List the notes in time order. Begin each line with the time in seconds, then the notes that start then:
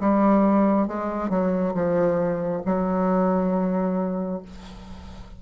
0.00 G3
0.88 G#3
1.30 F#3
1.74 F3
2.66 F#3